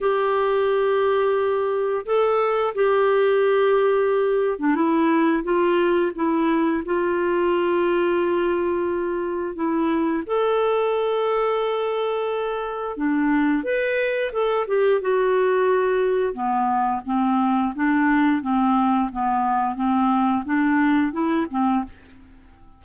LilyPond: \new Staff \with { instrumentName = "clarinet" } { \time 4/4 \tempo 4 = 88 g'2. a'4 | g'2~ g'8. d'16 e'4 | f'4 e'4 f'2~ | f'2 e'4 a'4~ |
a'2. d'4 | b'4 a'8 g'8 fis'2 | b4 c'4 d'4 c'4 | b4 c'4 d'4 e'8 c'8 | }